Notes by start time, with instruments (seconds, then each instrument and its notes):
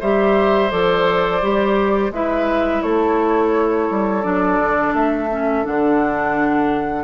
0.00 bassoon G3, clarinet G4, oboe C5, flute E5
0.70 bassoon F3, clarinet A4, flute D5
1.41 bassoon G3, clarinet G4
2.10 bassoon G#3, clarinet E4, oboe B4, flute E5
2.82 bassoon A3, oboe A4, flute C#5
3.90 bassoon G3
4.22 bassoon F#3, clarinet D4, flute D5
4.58 bassoon D3
4.93 bassoon A3, flute E5
5.30 clarinet C#4
5.63 bassoon D3, clarinet D4, flute F#5